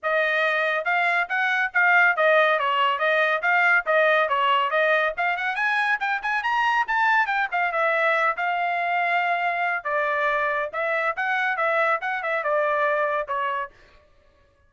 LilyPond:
\new Staff \with { instrumentName = "trumpet" } { \time 4/4 \tempo 4 = 140 dis''2 f''4 fis''4 | f''4 dis''4 cis''4 dis''4 | f''4 dis''4 cis''4 dis''4 | f''8 fis''8 gis''4 g''8 gis''8 ais''4 |
a''4 g''8 f''8 e''4. f''8~ | f''2. d''4~ | d''4 e''4 fis''4 e''4 | fis''8 e''8 d''2 cis''4 | }